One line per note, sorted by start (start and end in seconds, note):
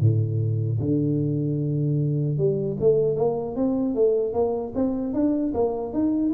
0.00 0.79 A2
0.80 2.37 D3
2.37 2.77 G3
2.80 3.16 A3
3.16 3.55 A#3
3.55 3.95 C4
3.95 4.33 A3
4.33 4.73 A#3
4.75 5.14 C4
5.14 5.53 D4
5.54 5.93 A#3
5.93 6.32 D#4